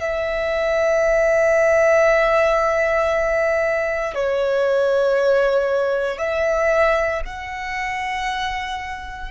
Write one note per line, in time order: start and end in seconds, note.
0.00 4.14 E5
4.14 6.18 C#5
6.18 7.21 E5
7.25 9.31 F#5